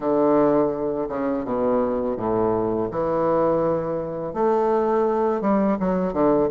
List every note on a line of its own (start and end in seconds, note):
0.00 1.08 D3
1.08 1.44 C#3
1.44 2.17 B2
2.17 2.89 A2
2.90 4.33 E3
4.33 5.41 A3
5.41 5.77 G3
5.79 6.13 F#3
6.13 6.49 D3